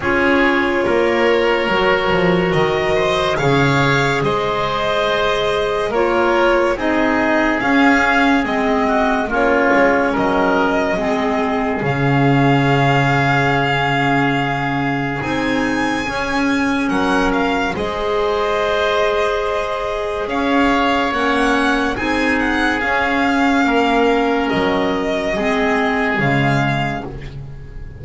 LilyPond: <<
  \new Staff \with { instrumentName = "violin" } { \time 4/4 \tempo 4 = 71 cis''2. dis''4 | f''4 dis''2 cis''4 | dis''4 f''4 dis''4 cis''4 | dis''2 f''2~ |
f''2 gis''2 | fis''8 f''8 dis''2. | f''4 fis''4 gis''8 fis''8 f''4~ | f''4 dis''2 f''4 | }
  \new Staff \with { instrumentName = "oboe" } { \time 4/4 gis'4 ais'2~ ais'8 c''8 | cis''4 c''2 ais'4 | gis'2~ gis'8 fis'8 f'4 | ais'4 gis'2.~ |
gis'1 | ais'4 c''2. | cis''2 gis'2 | ais'2 gis'2 | }
  \new Staff \with { instrumentName = "clarinet" } { \time 4/4 f'2 fis'2 | gis'2. f'4 | dis'4 cis'4 c'4 cis'4~ | cis'4 c'4 cis'2~ |
cis'2 dis'4 cis'4~ | cis'4 gis'2.~ | gis'4 cis'4 dis'4 cis'4~ | cis'2 c'4 gis4 | }
  \new Staff \with { instrumentName = "double bass" } { \time 4/4 cis'4 ais4 fis8 f8 dis4 | cis4 gis2 ais4 | c'4 cis'4 gis4 ais8 gis8 | fis4 gis4 cis2~ |
cis2 c'4 cis'4 | fis4 gis2. | cis'4 ais4 c'4 cis'4 | ais4 fis4 gis4 cis4 | }
>>